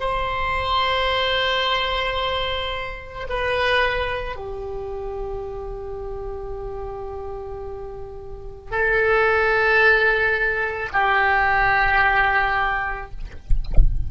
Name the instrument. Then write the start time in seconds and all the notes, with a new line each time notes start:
oboe
0.00 C5
3.29 B4
4.36 G4
8.71 A4
10.92 G4